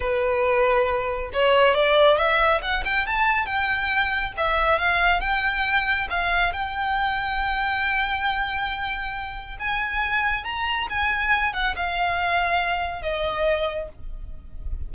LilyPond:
\new Staff \with { instrumentName = "violin" } { \time 4/4 \tempo 4 = 138 b'2. cis''4 | d''4 e''4 fis''8 g''8 a''4 | g''2 e''4 f''4 | g''2 f''4 g''4~ |
g''1~ | g''2 gis''2 | ais''4 gis''4. fis''8 f''4~ | f''2 dis''2 | }